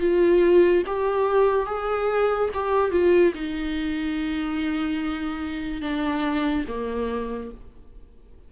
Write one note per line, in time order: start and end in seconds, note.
0.00 0.83 F4
0.86 1.66 G4
1.66 2.49 G#4
2.54 2.91 G4
2.91 3.33 F4
3.34 5.81 D#4
5.81 6.65 D4
6.68 7.51 A#3